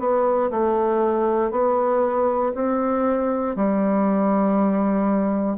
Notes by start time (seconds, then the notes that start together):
0.00 B3
0.51 A3
1.52 B3
2.55 C4
3.56 G3